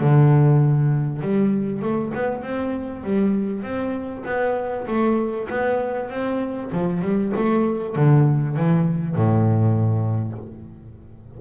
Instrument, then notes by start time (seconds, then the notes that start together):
double bass
0.00 D3
1.21 G3
1.81 A3
2.14 B3
2.42 C4
3.03 G3
3.63 C4
4.25 B3
4.87 A3
5.49 B3
6.09 C4
6.72 F3
7.01 G3
7.36 A3
7.95 D3
8.56 E3
9.15 A2